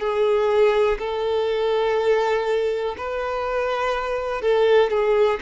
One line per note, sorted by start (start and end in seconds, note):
0.00 0.98 G#4
0.99 2.96 A4
2.98 4.42 B4
4.42 4.91 A4
4.91 5.40 G#4